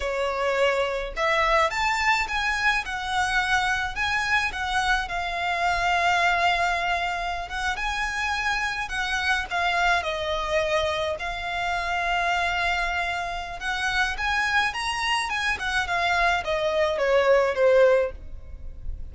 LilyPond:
\new Staff \with { instrumentName = "violin" } { \time 4/4 \tempo 4 = 106 cis''2 e''4 a''4 | gis''4 fis''2 gis''4 | fis''4 f''2.~ | f''4~ f''16 fis''8 gis''2 fis''16~ |
fis''8. f''4 dis''2 f''16~ | f''1 | fis''4 gis''4 ais''4 gis''8 fis''8 | f''4 dis''4 cis''4 c''4 | }